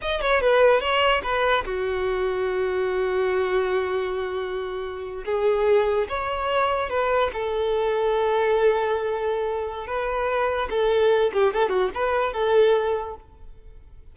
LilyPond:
\new Staff \with { instrumentName = "violin" } { \time 4/4 \tempo 4 = 146 dis''8 cis''8 b'4 cis''4 b'4 | fis'1~ | fis'1~ | fis'8. gis'2 cis''4~ cis''16~ |
cis''8. b'4 a'2~ a'16~ | a'1 | b'2 a'4. g'8 | a'8 fis'8 b'4 a'2 | }